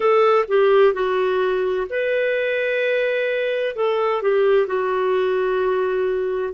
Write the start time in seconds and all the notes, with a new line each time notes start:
0.00 A4
0.47 G4
0.93 F#4
1.89 B4
3.75 A4
4.22 G4
4.66 F#4